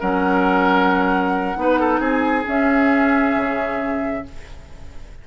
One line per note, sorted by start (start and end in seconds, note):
0.00 1.57 F#3
0.00 1.56 C#4
0.00 1.57 A#4
0.00 2.02 F#5
1.56 1.99 B3
1.56 2.44 D#4
1.56 1.80 B4
1.80 2.00 A4
1.99 2.44 C4
1.99 4.24 G#4
1.99 2.47 G#5
2.44 4.23 C#4
2.44 3.35 C#4
2.44 4.27 E5
3.35 4.25 C#3